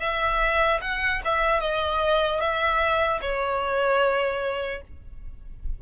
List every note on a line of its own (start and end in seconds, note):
0.00 0.80 E5
0.81 1.21 F#5
1.24 1.60 E5
1.60 2.40 D#5
2.40 3.20 E5
3.21 4.81 C#5